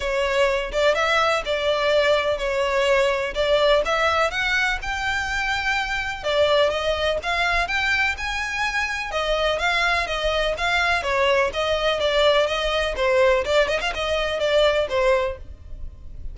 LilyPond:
\new Staff \with { instrumentName = "violin" } { \time 4/4 \tempo 4 = 125 cis''4. d''8 e''4 d''4~ | d''4 cis''2 d''4 | e''4 fis''4 g''2~ | g''4 d''4 dis''4 f''4 |
g''4 gis''2 dis''4 | f''4 dis''4 f''4 cis''4 | dis''4 d''4 dis''4 c''4 | d''8 dis''16 f''16 dis''4 d''4 c''4 | }